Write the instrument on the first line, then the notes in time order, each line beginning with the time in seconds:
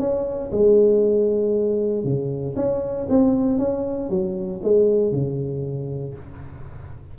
tuba
0.00 C#4
0.52 G#3
2.04 C#3
2.56 C#4
3.10 C4
3.59 C#4
4.10 F#3
4.63 G#3
5.12 C#3